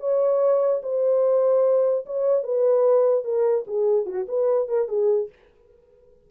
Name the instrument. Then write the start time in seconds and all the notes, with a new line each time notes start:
horn
0.00 C#5
0.83 C5
2.06 C#5
2.43 B4
3.24 A#4
3.67 G#4
4.06 F#4
4.28 B4
4.68 A#4
4.88 G#4